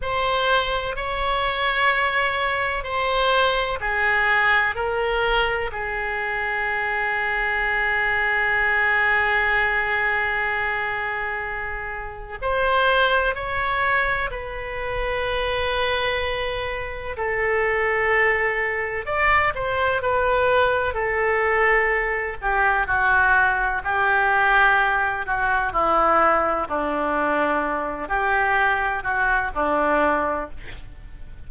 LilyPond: \new Staff \with { instrumentName = "oboe" } { \time 4/4 \tempo 4 = 63 c''4 cis''2 c''4 | gis'4 ais'4 gis'2~ | gis'1~ | gis'4 c''4 cis''4 b'4~ |
b'2 a'2 | d''8 c''8 b'4 a'4. g'8 | fis'4 g'4. fis'8 e'4 | d'4. g'4 fis'8 d'4 | }